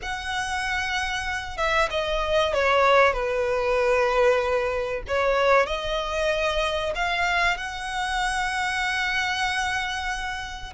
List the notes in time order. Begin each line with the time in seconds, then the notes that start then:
0.02 F#5
1.57 E5
1.90 D#5
2.53 C#5
3.13 B4
5.07 C#5
5.66 D#5
6.95 F5
7.57 F#5